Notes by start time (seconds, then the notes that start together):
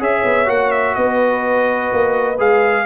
0.00 C#4 G#4 C#5 E5
0.25 B3
0.46 A#3 F#4 F#5
0.72 E5
0.95 B3 B4 D#5
1.93 A#3
2.39 G#3 G#4 F5